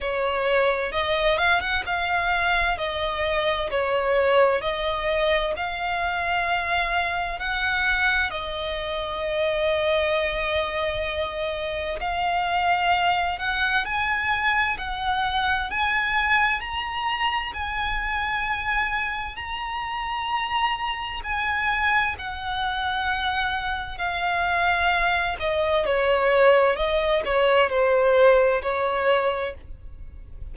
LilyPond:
\new Staff \with { instrumentName = "violin" } { \time 4/4 \tempo 4 = 65 cis''4 dis''8 f''16 fis''16 f''4 dis''4 | cis''4 dis''4 f''2 | fis''4 dis''2.~ | dis''4 f''4. fis''8 gis''4 |
fis''4 gis''4 ais''4 gis''4~ | gis''4 ais''2 gis''4 | fis''2 f''4. dis''8 | cis''4 dis''8 cis''8 c''4 cis''4 | }